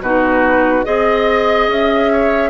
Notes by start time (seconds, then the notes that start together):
0.00 B2 D#4 F#4 B4
0.83 C4 G#4 D#5
1.68 C#4 E5
2.12 C#5